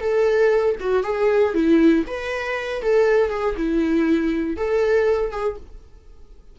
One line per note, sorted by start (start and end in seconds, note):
0.00 0.76 A4
0.79 1.03 F#4
1.03 1.54 G#4
1.54 2.04 E4
2.06 2.82 B4
2.82 3.30 A4
3.30 3.55 G#4
3.56 4.56 E4
4.56 5.31 A4
5.31 5.56 G#4